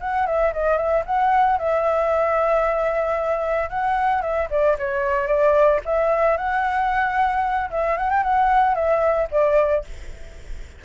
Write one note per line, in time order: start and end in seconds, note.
0.00 0.26 F#5
0.26 0.52 E5
0.53 0.77 D#5
0.77 1.03 E5
1.05 1.58 F#5
1.58 3.69 E5
3.69 4.21 F#5
4.21 4.47 E5
4.50 4.76 D5
4.78 5.27 C#5
5.27 5.80 D5
5.85 6.37 E5
6.37 7.69 F#5
7.70 7.97 E5
7.97 8.09 F#5
8.09 8.23 G5
8.23 8.74 F#5
8.74 9.28 E5
9.31 9.84 D5